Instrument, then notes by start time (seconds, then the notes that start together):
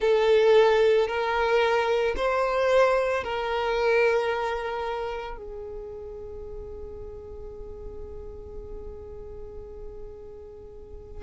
violin
0.00 A4
1.07 A#4
2.16 C5
3.23 A#4
5.37 G#4